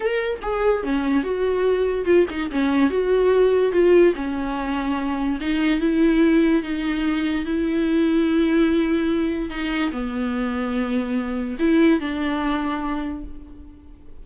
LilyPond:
\new Staff \with { instrumentName = "viola" } { \time 4/4 \tempo 4 = 145 ais'4 gis'4 cis'4 fis'4~ | fis'4 f'8 dis'8 cis'4 fis'4~ | fis'4 f'4 cis'2~ | cis'4 dis'4 e'2 |
dis'2 e'2~ | e'2. dis'4 | b1 | e'4 d'2. | }